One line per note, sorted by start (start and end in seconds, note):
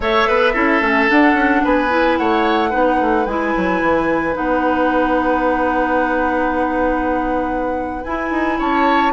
0.00 0.26 A3
0.00 0.54 A4
0.00 0.27 C#5
0.00 1.10 E5
0.28 0.55 B3
0.28 0.53 B4
0.53 0.81 C#4
0.53 0.81 E4
0.53 1.62 A4
0.81 1.08 A3
0.81 1.08 C#4
1.08 1.89 D4
1.08 1.33 D4
1.08 1.64 F#5
1.33 1.61 C#4
1.63 2.19 B3
1.63 2.18 B4
1.63 2.17 G#5
1.89 2.71 E4
2.17 2.73 A3
2.17 2.70 C#5
2.17 3.26 F#5
2.70 3.00 B3
2.70 3.25 D#4
2.70 8.56 B4
3.00 3.26 A3
3.26 3.53 G#3
3.26 4.33 E4
3.26 4.35 G#5
3.56 3.81 F#3
3.81 4.35 E3
4.33 8.04 B3
4.33 8.01 D#4
4.33 8.03 F#5
8.03 8.31 E4
8.03 9.13 E4
8.03 8.58 G#5
8.31 8.58 D#4
8.58 9.13 C#4
8.58 9.13 C#5
8.58 9.13 A5